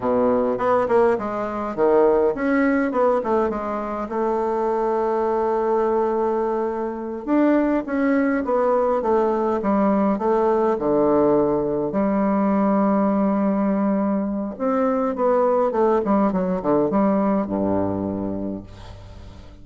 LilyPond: \new Staff \with { instrumentName = "bassoon" } { \time 4/4 \tempo 4 = 103 b,4 b8 ais8 gis4 dis4 | cis'4 b8 a8 gis4 a4~ | a1~ | a8 d'4 cis'4 b4 a8~ |
a8 g4 a4 d4.~ | d8 g2.~ g8~ | g4 c'4 b4 a8 g8 | fis8 d8 g4 g,2 | }